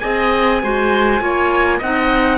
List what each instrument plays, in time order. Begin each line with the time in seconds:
0.00 cello C4, clarinet G#4, oboe D#5, trumpet G#5
0.63 cello G#3, clarinet F#4, oboe C5
1.20 cello A#3, clarinet F4, oboe C#5
1.79 cello C4, clarinet D#4, oboe D#5, trumpet F#5